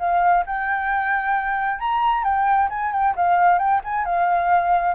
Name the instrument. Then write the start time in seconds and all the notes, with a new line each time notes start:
flute
0.00 F5
0.47 G5
1.80 A#5
2.24 G5
2.70 G#5
2.93 G5
3.16 F5
3.59 G5
3.85 G#5
4.06 F5